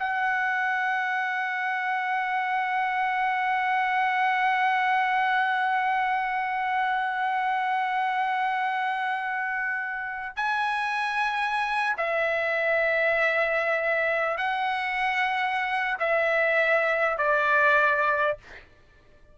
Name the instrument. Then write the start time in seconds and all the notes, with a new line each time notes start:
trumpet
0.00 F#5
10.36 G#5
11.98 E5
14.38 F#5
16.00 E5
17.18 D5